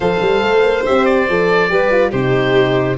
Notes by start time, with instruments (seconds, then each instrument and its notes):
0.00 tuba F3, horn A4, violin C5, oboe F5
0.20 tuba G3
0.42 tuba A3
0.63 tuba A#3
0.85 tuba C4, horn G4, oboe E5
1.05 oboe D5
1.29 tuba F3, horn A4
1.69 tuba G3, horn G4, violin B4
1.91 horn F4
2.11 tuba C3, horn D#4, violin G4, oboe C5